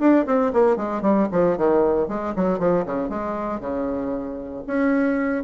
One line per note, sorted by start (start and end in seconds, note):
0.00 0.26 D4
0.27 0.52 C4
0.53 0.77 A#3
0.77 1.02 G#3
1.02 1.28 G3
1.32 1.58 F3
1.58 2.09 D#3
2.09 2.34 G#3
2.36 2.59 F#3
2.59 2.85 F3
2.86 3.10 C#3
3.10 3.61 G#3
3.61 4.64 C#3
4.67 5.44 C#4